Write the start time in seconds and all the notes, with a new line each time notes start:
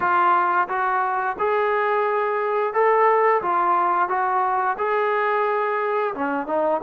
0.00 F4
0.68 F#4
1.38 G#4
2.73 A4
3.42 F4
4.08 F#4
4.77 G#4
6.14 C#4
6.46 D#4